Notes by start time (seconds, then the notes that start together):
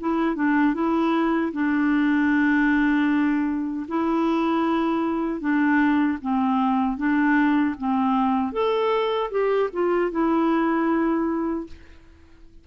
0.00 E4
0.35 D4
0.74 E4
1.52 D4
3.88 E4
5.40 D4
6.21 C4
6.97 D4
7.78 C4
8.52 A4
9.30 G4
9.73 F4
10.11 E4